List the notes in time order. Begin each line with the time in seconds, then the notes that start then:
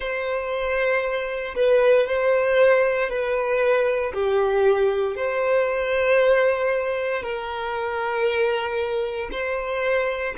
0.00 C5
1.55 B4
2.07 C5
3.09 B4
4.13 G4
5.15 C5
7.22 A#4
9.31 C5